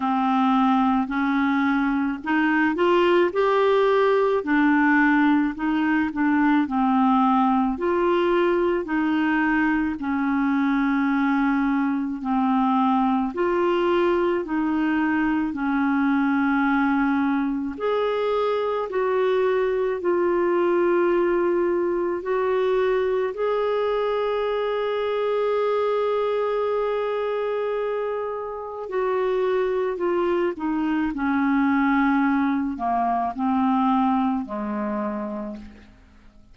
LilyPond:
\new Staff \with { instrumentName = "clarinet" } { \time 4/4 \tempo 4 = 54 c'4 cis'4 dis'8 f'8 g'4 | d'4 dis'8 d'8 c'4 f'4 | dis'4 cis'2 c'4 | f'4 dis'4 cis'2 |
gis'4 fis'4 f'2 | fis'4 gis'2.~ | gis'2 fis'4 f'8 dis'8 | cis'4. ais8 c'4 gis4 | }